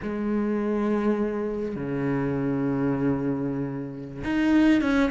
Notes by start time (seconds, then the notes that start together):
0.02 G#3
1.75 C#3
4.23 D#4
4.81 C#4